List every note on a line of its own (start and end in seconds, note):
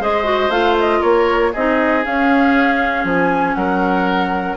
0.00 0.49 G#3
0.00 0.24 G#4
0.00 1.00 C5
0.00 0.51 D#5
0.24 0.49 F#4
0.49 1.00 A3
0.49 1.53 F4
0.49 0.76 F5
0.80 1.02 D#5
1.00 1.54 A#3
1.00 1.51 A#4
1.00 1.53 C#5
1.53 2.06 C4
1.53 2.04 D#4
1.53 3.56 G#4
1.53 2.05 D#5
2.04 4.57 C#4
2.04 3.04 C#4
2.04 3.07 F5
3.04 3.55 F3
3.04 3.54 G#5
3.54 4.57 F#3
3.54 4.57 A#4
3.54 4.56 F#5